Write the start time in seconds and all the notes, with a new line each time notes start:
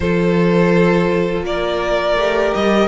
0.00 F3 F4 A4 C5
1.42 A#3 A#4 D5
2.17 A3 G4
2.54 G3 D#5